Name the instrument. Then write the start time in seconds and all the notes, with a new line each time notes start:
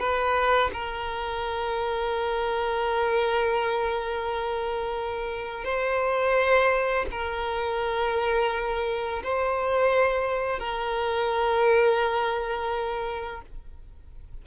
violin
0.00 B4
0.73 A#4
5.65 C5
7.11 A#4
9.23 C5
10.59 A#4